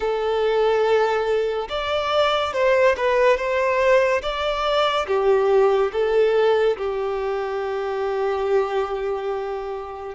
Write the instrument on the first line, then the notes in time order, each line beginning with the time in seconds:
violin
0.00 A4
1.69 D5
2.53 C5
2.97 B4
3.37 C5
4.22 D5
5.07 G4
5.92 A4
6.77 G4